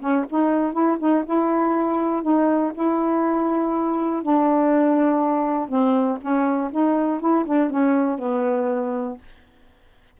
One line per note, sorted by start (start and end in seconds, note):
0.00 0.25 C#4
0.30 0.72 D#4
0.72 0.97 E4
0.99 1.24 D#4
1.25 2.22 E4
2.22 2.72 D#4
2.74 4.22 E4
4.22 5.68 D4
5.68 6.18 C4
6.21 6.71 C#4
6.71 7.20 D#4
7.20 7.44 E4
7.45 7.70 D4
7.70 8.18 C#4
8.18 9.18 B3